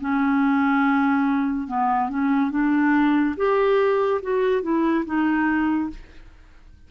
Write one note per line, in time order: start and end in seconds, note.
0.00 1.67 C#4
1.67 2.09 B3
2.09 2.51 C#4
2.51 3.35 D4
3.36 4.21 G4
4.23 4.62 F#4
4.62 5.04 E4
5.05 5.90 D#4